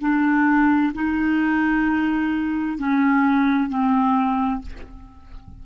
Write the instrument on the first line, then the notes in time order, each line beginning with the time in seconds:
clarinet
0.00 D4
0.94 D#4
2.78 C#4
3.69 C4